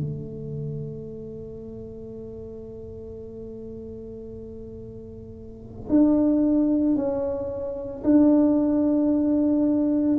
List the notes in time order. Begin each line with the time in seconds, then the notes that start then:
0.00 A3
5.90 D4
6.96 C#4
8.04 D4